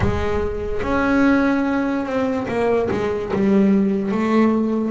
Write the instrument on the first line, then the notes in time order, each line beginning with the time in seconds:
double bass
0.00 G#3
0.82 C#4
2.05 C4
2.48 A#3
2.91 G#3
3.33 G3
4.11 A3